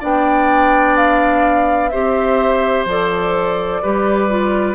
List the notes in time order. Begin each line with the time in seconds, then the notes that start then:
0.00 B3 D4 D5 G5
0.97 F5
1.89 C4 G4 C5 E5
2.85 F3 A4 D5
3.82 G3 G4 B4
4.29 F4